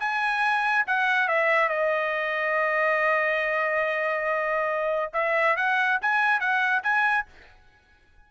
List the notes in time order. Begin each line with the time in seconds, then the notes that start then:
0.00 G#5
0.87 F#5
1.28 E5
1.69 D#5
5.14 E5
5.57 F#5
6.02 G#5
6.41 F#5
6.84 G#5